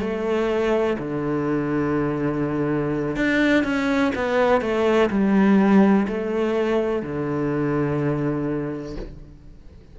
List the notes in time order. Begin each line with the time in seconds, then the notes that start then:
0.00 A3
0.99 D3
3.16 D4
3.64 C#4
4.15 B3
4.61 A3
5.10 G3
6.07 A3
7.02 D3